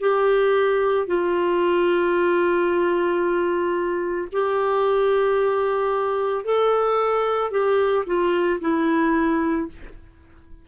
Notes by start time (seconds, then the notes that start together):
0.00 G4
1.07 F4
4.32 G4
6.44 A4
7.51 G4
8.06 F4
8.61 E4